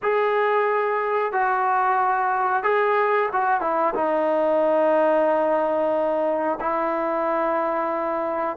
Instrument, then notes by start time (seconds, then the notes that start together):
trombone
0.02 G#4
1.32 F#4
2.63 G#4
3.32 F#4
3.61 E4
3.94 D#4
6.60 E4